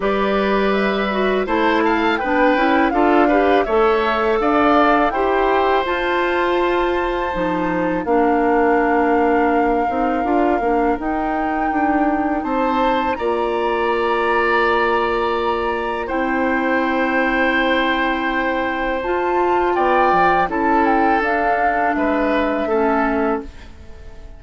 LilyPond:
<<
  \new Staff \with { instrumentName = "flute" } { \time 4/4 \tempo 4 = 82 d''4 e''4 a''4 g''4 | f''4 e''4 f''4 g''4 | a''2. f''4~ | f''2. g''4~ |
g''4 a''4 ais''2~ | ais''2 g''2~ | g''2 a''4 g''4 | a''8 g''8 f''4 e''2 | }
  \new Staff \with { instrumentName = "oboe" } { \time 4/4 b'2 c''8 f''8 b'4 | a'8 b'8 cis''4 d''4 c''4~ | c''2. ais'4~ | ais'1~ |
ais'4 c''4 d''2~ | d''2 c''2~ | c''2. d''4 | a'2 b'4 a'4 | }
  \new Staff \with { instrumentName = "clarinet" } { \time 4/4 g'4. fis'8 e'4 d'8 e'8 | f'8 g'8 a'2 g'4 | f'2 dis'4 d'4~ | d'4. dis'8 f'8 d'8 dis'4~ |
dis'2 f'2~ | f'2 e'2~ | e'2 f'2 | e'4 d'2 cis'4 | }
  \new Staff \with { instrumentName = "bassoon" } { \time 4/4 g2 a4 b8 cis'8 | d'4 a4 d'4 e'4 | f'2 f4 ais4~ | ais4. c'8 d'8 ais8 dis'4 |
d'4 c'4 ais2~ | ais2 c'2~ | c'2 f'4 b8 f8 | cis'4 d'4 gis4 a4 | }
>>